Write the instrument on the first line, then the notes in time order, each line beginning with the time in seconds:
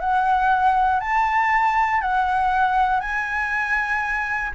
flute
0.00 F#5
1.00 A5
2.01 F#5
3.00 G#5